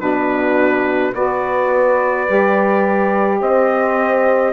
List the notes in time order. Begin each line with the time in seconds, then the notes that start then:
0.00 B2 D4 F#4 B4
1.14 B3 F#4 B4 D5
2.27 G3 G4
3.41 C4 C5 D#5